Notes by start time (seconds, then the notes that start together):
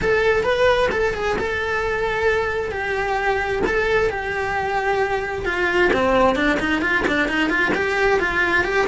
0.01 A4
0.43 B4
0.91 A4
1.14 G#4
1.38 A4
2.71 G4
3.66 A4
4.09 G4
5.45 F4
5.93 C4
6.35 D4
6.59 D#4
6.81 F4
7.07 D4
7.28 D#4
7.49 F4
7.74 G4
8.19 F4
8.63 G4